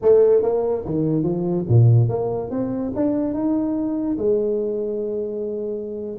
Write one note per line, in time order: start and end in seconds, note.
0.02 0.42 A3
0.42 0.84 A#3
0.85 1.23 D#3
1.23 1.65 F3
1.68 2.08 A#2
2.08 2.50 A#3
2.50 2.92 C4
2.95 3.33 D4
3.33 4.17 D#4
4.18 6.17 G#3